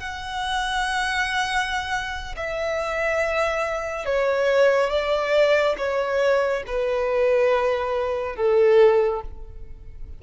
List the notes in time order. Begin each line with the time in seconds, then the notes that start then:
0.00 F#5
2.36 E5
4.06 C#5
4.90 D5
5.78 C#5
6.67 B4
8.36 A4